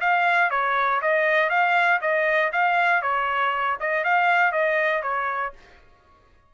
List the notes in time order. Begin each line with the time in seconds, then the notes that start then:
0.00 F5
0.50 C#5
1.01 D#5
1.49 F5
2.01 D#5
2.52 F5
3.01 C#5
3.80 D#5
4.04 F5
4.51 D#5
5.02 C#5